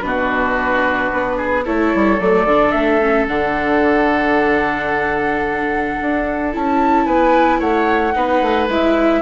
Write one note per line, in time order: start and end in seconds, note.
0.00 1.10 B2
0.00 1.63 D4
0.00 1.37 F#4
0.00 1.62 B4
1.12 1.66 B3
1.37 1.64 G#4
1.64 1.94 A3
1.64 2.20 E4
1.64 7.05 A4
1.64 2.20 C#5
1.94 2.19 G3
2.19 2.44 F#3
2.19 2.47 A3
2.19 2.71 D5
2.44 2.72 D3
2.44 3.01 D4
2.71 3.27 A3
2.71 3.25 E5
3.01 3.28 C#4
3.27 5.98 D3
3.27 6.52 D4
3.27 6.52 F#5
6.01 6.55 D4
6.52 7.06 C#4
6.52 8.13 E4
6.52 7.06 A5
7.06 7.60 B3
7.06 7.59 B4
7.06 7.60 G#5
7.59 8.14 A3
7.59 8.13 C#5
7.59 8.68 F#5
8.13 8.41 B3
8.13 8.67 D#4
8.13 9.21 B4
8.41 8.68 A3
8.68 9.21 G#3
8.68 9.21 E4
8.68 9.21 E5